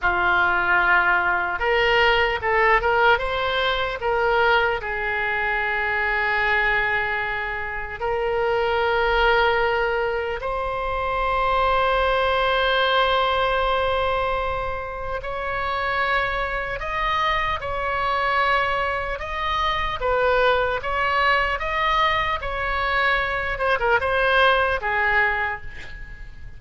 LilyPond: \new Staff \with { instrumentName = "oboe" } { \time 4/4 \tempo 4 = 75 f'2 ais'4 a'8 ais'8 | c''4 ais'4 gis'2~ | gis'2 ais'2~ | ais'4 c''2.~ |
c''2. cis''4~ | cis''4 dis''4 cis''2 | dis''4 b'4 cis''4 dis''4 | cis''4. c''16 ais'16 c''4 gis'4 | }